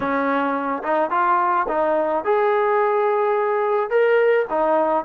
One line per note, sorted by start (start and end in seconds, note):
0.00 0.83 C#4
0.83 1.10 D#4
1.10 1.66 F4
1.68 2.24 D#4
2.24 3.90 G#4
3.90 4.46 A#4
4.49 5.05 D#4